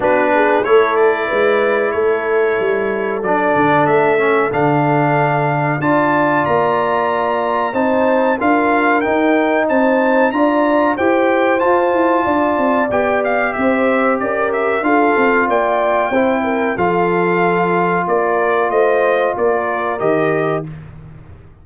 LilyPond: <<
  \new Staff \with { instrumentName = "trumpet" } { \time 4/4 \tempo 4 = 93 b'4 cis''8 d''4. cis''4~ | cis''4 d''4 e''4 f''4~ | f''4 a''4 ais''2 | a''4 f''4 g''4 a''4 |
ais''4 g''4 a''2 | g''8 f''8 e''4 d''8 e''8 f''4 | g''2 f''2 | d''4 dis''4 d''4 dis''4 | }
  \new Staff \with { instrumentName = "horn" } { \time 4/4 fis'8 gis'8 a'4 b'4 a'4~ | a'1~ | a'4 d''2. | c''4 ais'2 c''4 |
d''4 c''2 d''4~ | d''4 c''4 ais'4 a'4 | d''4 c''8 ais'8 a'2 | ais'4 c''4 ais'2 | }
  \new Staff \with { instrumentName = "trombone" } { \time 4/4 d'4 e'2.~ | e'4 d'4. cis'8 d'4~ | d'4 f'2. | dis'4 f'4 dis'2 |
f'4 g'4 f'2 | g'2. f'4~ | f'4 e'4 f'2~ | f'2. g'4 | }
  \new Staff \with { instrumentName = "tuba" } { \time 4/4 b4 a4 gis4 a4 | g4 fis8 d8 a4 d4~ | d4 d'4 ais2 | c'4 d'4 dis'4 c'4 |
d'4 e'4 f'8 e'8 d'8 c'8 | b4 c'4 cis'4 d'8 c'8 | ais4 c'4 f2 | ais4 a4 ais4 dis4 | }
>>